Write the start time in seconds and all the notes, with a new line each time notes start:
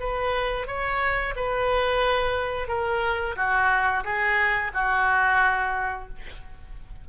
0.00 B4
0.67 C#5
1.36 B4
2.68 A#4
3.36 F#4
4.04 G#4
4.74 F#4